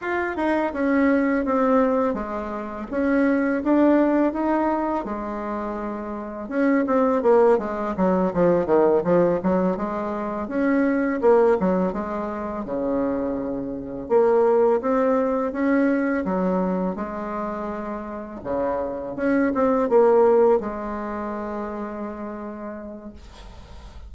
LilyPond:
\new Staff \with { instrumentName = "bassoon" } { \time 4/4 \tempo 4 = 83 f'8 dis'8 cis'4 c'4 gis4 | cis'4 d'4 dis'4 gis4~ | gis4 cis'8 c'8 ais8 gis8 fis8 f8 | dis8 f8 fis8 gis4 cis'4 ais8 |
fis8 gis4 cis2 ais8~ | ais8 c'4 cis'4 fis4 gis8~ | gis4. cis4 cis'8 c'8 ais8~ | ais8 gis2.~ gis8 | }